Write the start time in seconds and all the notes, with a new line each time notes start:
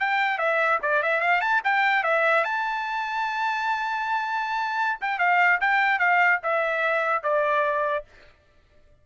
0.00 G5
0.38 E5
0.82 D5
1.03 E5
1.21 F5
1.41 A5
1.64 G5
2.04 E5
2.45 A5
5.01 G5
5.19 F5
5.61 G5
5.99 F5
6.43 E5
7.23 D5